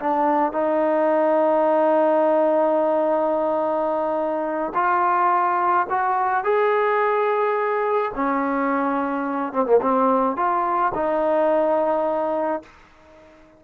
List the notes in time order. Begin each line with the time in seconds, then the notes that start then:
0.00 D4
0.53 D#4
4.75 F4
5.90 F#4
6.44 G#4
8.15 C#4
9.53 C4
9.66 A#3
9.82 C4
10.37 F4
10.95 D#4